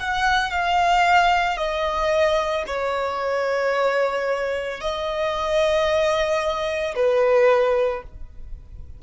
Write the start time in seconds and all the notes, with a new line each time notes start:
0.00 F#5
0.51 F5
1.57 D#5
2.66 C#5
4.81 D#5
6.95 B4